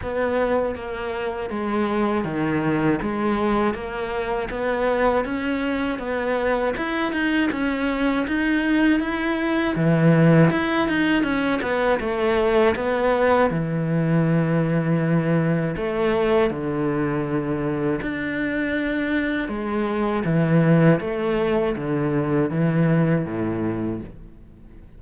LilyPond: \new Staff \with { instrumentName = "cello" } { \time 4/4 \tempo 4 = 80 b4 ais4 gis4 dis4 | gis4 ais4 b4 cis'4 | b4 e'8 dis'8 cis'4 dis'4 | e'4 e4 e'8 dis'8 cis'8 b8 |
a4 b4 e2~ | e4 a4 d2 | d'2 gis4 e4 | a4 d4 e4 a,4 | }